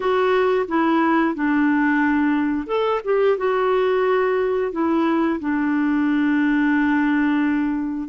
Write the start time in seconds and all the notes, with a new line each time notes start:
0.00 F#4
0.67 E4
1.35 D4
2.67 A4
3.04 G4
3.37 F#4
4.72 E4
5.40 D4